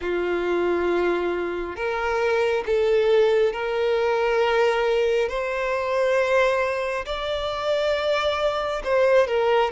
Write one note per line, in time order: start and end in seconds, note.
0.01 1.76 F4
1.76 2.64 A#4
2.66 3.53 A4
3.53 5.28 A#4
5.28 7.05 C5
7.05 8.82 D5
8.84 9.27 C5
9.27 9.71 A#4